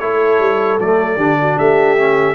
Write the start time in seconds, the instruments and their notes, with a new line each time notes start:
0.00 tuba A3, trombone E4, horn A4, trumpet C#5
0.40 tuba G3
0.80 tuba F#3, trombone A3, trumpet D5
1.17 tuba D3, trombone D4, horn G4
1.42 horn F#4
1.58 tuba A3, horn G4, trumpet E5
1.98 trombone C#4